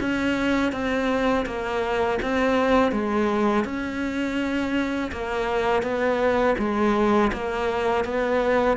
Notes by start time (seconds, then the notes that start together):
0.00 C#4
0.72 C4
1.46 A#3
2.22 C4
2.92 G#3
3.65 C#4
5.12 A#3
5.82 B3
6.58 G#3
7.33 A#3
8.05 B3